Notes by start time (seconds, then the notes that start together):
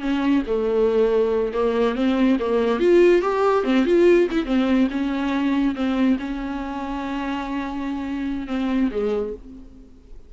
0.00 C#4
0.47 A3
1.53 A#3
1.95 C4
2.39 A#3
2.79 F4
3.21 G4
3.64 C4
3.85 F4
4.30 E4
4.45 C4
4.90 C#4
5.75 C4
6.19 C#4
8.47 C4
8.91 G#3